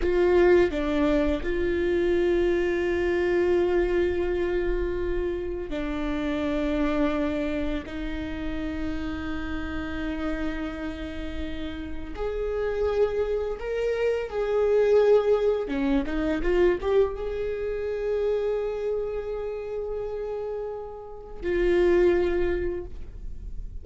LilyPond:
\new Staff \with { instrumentName = "viola" } { \time 4/4 \tempo 4 = 84 f'4 d'4 f'2~ | f'1 | d'2. dis'4~ | dis'1~ |
dis'4 gis'2 ais'4 | gis'2 cis'8 dis'8 f'8 g'8 | gis'1~ | gis'2 f'2 | }